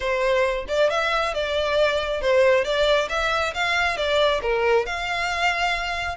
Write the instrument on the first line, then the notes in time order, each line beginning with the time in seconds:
violin
0.00 C5
0.68 D5
0.90 E5
1.34 D5
2.21 C5
2.64 D5
3.09 E5
3.54 F5
3.96 D5
4.42 A#4
4.85 F5